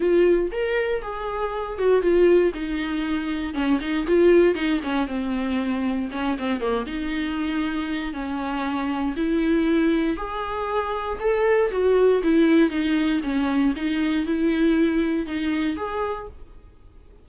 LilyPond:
\new Staff \with { instrumentName = "viola" } { \time 4/4 \tempo 4 = 118 f'4 ais'4 gis'4. fis'8 | f'4 dis'2 cis'8 dis'8 | f'4 dis'8 cis'8 c'2 | cis'8 c'8 ais8 dis'2~ dis'8 |
cis'2 e'2 | gis'2 a'4 fis'4 | e'4 dis'4 cis'4 dis'4 | e'2 dis'4 gis'4 | }